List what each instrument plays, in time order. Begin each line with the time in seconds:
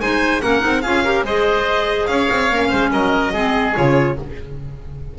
0.00 double bass G#3, clarinet D#4, oboe C5, violin G#5
0.41 double bass A#3, clarinet C#4, oboe A#4, violin F#5
0.61 double bass C4, clarinet D#4
0.82 double bass C#4, clarinet F4, oboe G#4, violin F5
1.04 clarinet G4, oboe A#4
1.24 double bass G#3, clarinet G#4, oboe C5, violin D#5
2.07 double bass C#4, oboe C#5, violin F5
2.31 double bass C4
2.51 double bass A#3, clarinet C#4
2.68 double bass G#3, oboe C5
2.92 double bass F#3, oboe A#4, violin D#5
3.33 double bass G#3, clarinet C4, oboe G#4
3.74 double bass C#3, clarinet F4, violin C#5